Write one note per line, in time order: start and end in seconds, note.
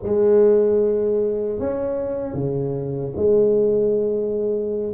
0.02 1.59 G#3
1.59 2.34 C#4
2.34 3.13 C#3
3.16 4.93 G#3